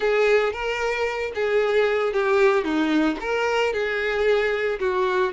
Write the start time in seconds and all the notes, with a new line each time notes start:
0.00 G#4
0.52 A#4
1.34 G#4
2.13 G4
2.64 D#4
3.20 A#4
3.73 G#4
4.79 F#4